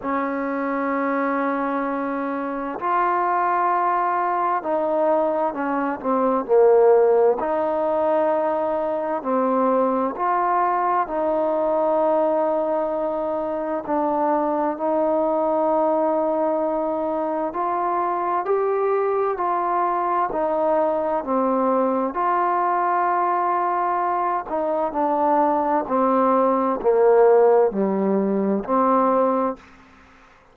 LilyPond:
\new Staff \with { instrumentName = "trombone" } { \time 4/4 \tempo 4 = 65 cis'2. f'4~ | f'4 dis'4 cis'8 c'8 ais4 | dis'2 c'4 f'4 | dis'2. d'4 |
dis'2. f'4 | g'4 f'4 dis'4 c'4 | f'2~ f'8 dis'8 d'4 | c'4 ais4 g4 c'4 | }